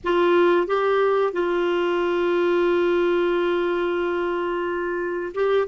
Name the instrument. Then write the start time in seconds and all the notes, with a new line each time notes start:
clarinet
0.04 F4
0.67 G4
1.32 F4
5.34 G4